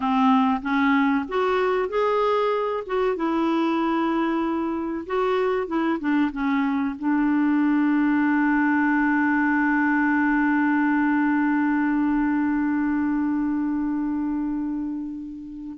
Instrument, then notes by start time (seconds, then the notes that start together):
clarinet
0.00 C4
0.62 C#4
1.28 F#4
1.89 G#4
2.86 F#4
3.16 E4
5.06 F#4
5.67 E4
5.99 D4
6.32 C#4
6.98 D4